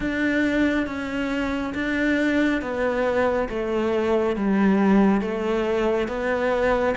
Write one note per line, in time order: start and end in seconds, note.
0.00 0.86 D4
0.86 1.73 C#4
1.74 2.61 D4
2.61 3.48 B3
3.49 4.36 A3
4.36 5.21 G3
5.21 6.08 A3
6.08 6.94 B3